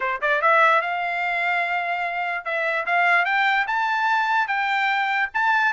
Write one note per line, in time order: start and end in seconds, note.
0.00 0.20 C5
0.21 0.41 D5
0.41 0.81 E5
0.81 2.44 F5
2.44 2.85 E5
2.86 3.25 F5
3.25 3.66 G5
3.67 4.47 A5
4.47 5.29 G5
5.34 5.73 A5